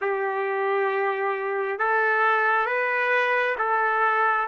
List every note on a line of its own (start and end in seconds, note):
0.01 1.78 G4
1.78 2.65 A4
2.65 3.55 B4
3.58 4.47 A4